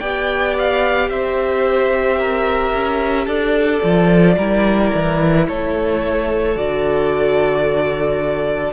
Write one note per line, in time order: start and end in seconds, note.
0.00 1.10 B3
0.00 3.83 G4
0.00 1.10 D5
0.00 0.55 G5
0.58 1.10 F5
1.10 2.73 C4
1.10 2.19 C5
1.10 3.28 E5
2.19 3.26 A#4
2.74 3.27 C#4
3.26 3.82 D4
3.26 4.35 A4
3.26 5.46 D5
3.83 4.37 F3
3.83 4.37 F4
4.37 4.92 G3
4.37 6.55 E4
4.37 5.47 A#4
4.95 5.48 E3
5.48 6.56 A3
5.48 8.73 A4
5.48 6.57 C#5
6.55 8.73 D3
6.55 8.73 F#4
6.55 8.73 D5